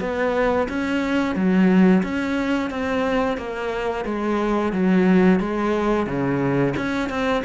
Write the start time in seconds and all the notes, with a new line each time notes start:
0.00 B3
0.68 C#4
1.35 F#3
2.03 C#4
2.70 C4
3.37 A#3
4.05 G#3
4.72 F#3
5.40 G#3
6.06 C#3
6.77 C#4
7.09 C4